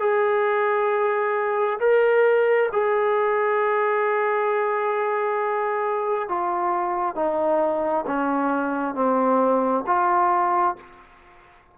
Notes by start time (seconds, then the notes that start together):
0.00 G#4
1.80 A#4
2.72 G#4
6.28 F4
7.15 D#4
8.06 C#4
8.94 C4
9.86 F4